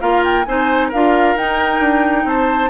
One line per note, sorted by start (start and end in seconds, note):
0.00 0.46 A#3
0.00 0.45 F4
0.00 0.46 A#4
0.00 0.23 F5
0.24 0.44 G5
0.44 0.92 C4
0.44 0.92 D#4
0.44 0.88 C5
0.44 0.89 G#5
0.88 1.35 D4
0.88 1.37 F4
0.88 2.23 A#4
0.88 1.37 F5
1.35 1.79 D#4
1.35 2.70 D#4
1.35 2.27 G5
1.79 2.24 D4
2.24 2.69 C4
2.24 2.70 C5
2.24 2.70 A5